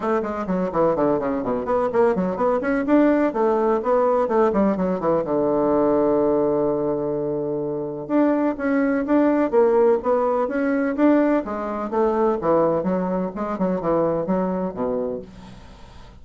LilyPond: \new Staff \with { instrumentName = "bassoon" } { \time 4/4 \tempo 4 = 126 a8 gis8 fis8 e8 d8 cis8 b,8 b8 | ais8 fis8 b8 cis'8 d'4 a4 | b4 a8 g8 fis8 e8 d4~ | d1~ |
d4 d'4 cis'4 d'4 | ais4 b4 cis'4 d'4 | gis4 a4 e4 fis4 | gis8 fis8 e4 fis4 b,4 | }